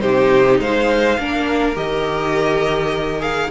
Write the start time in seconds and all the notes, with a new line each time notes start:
0.00 C3 D#4 G4 C5
0.60 G#3 C5 F5
1.19 A#3 D4 A#4
1.75 D#3 G4 D#5
3.20 G#4 F5